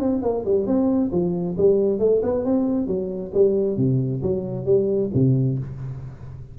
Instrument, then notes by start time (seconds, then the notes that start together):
tuba
0.00 C4
0.22 A#3
0.45 G3
0.67 C4
1.12 F3
1.58 G3
1.99 A3
2.23 B3
2.45 C4
2.87 F#3
3.34 G3
3.77 C3
4.22 F#3
4.65 G3
5.14 C3